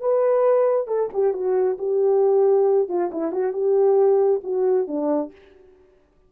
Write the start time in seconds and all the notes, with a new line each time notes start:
0.00 B4
0.87 A4
1.13 G4
1.33 F#4
1.78 G4
2.88 F4
3.12 E4
3.31 F#4
3.53 G4
4.43 F#4
4.87 D4